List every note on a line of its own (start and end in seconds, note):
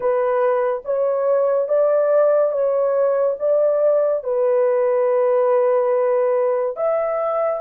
0.00 0.82 B4
0.85 1.68 C#5
1.68 2.51 D5
2.51 3.36 C#5
3.39 4.23 D5
4.23 6.76 B4
6.76 7.61 E5